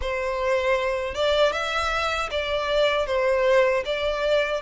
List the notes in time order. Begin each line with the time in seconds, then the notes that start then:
0.01 C5
1.14 D5
1.52 E5
2.30 D5
3.06 C5
3.85 D5